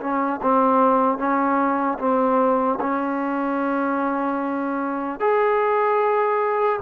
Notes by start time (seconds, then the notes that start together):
0.00 C#4
0.41 C4
1.17 C#4
1.99 C4
2.80 C#4
5.20 G#4